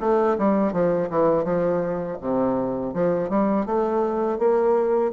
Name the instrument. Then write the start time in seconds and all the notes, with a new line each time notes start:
bassoon
0.00 A3
0.38 G3
0.73 F3
1.10 E3
1.44 F3
2.21 C3
2.93 F3
3.29 G3
3.66 A3
4.38 A#3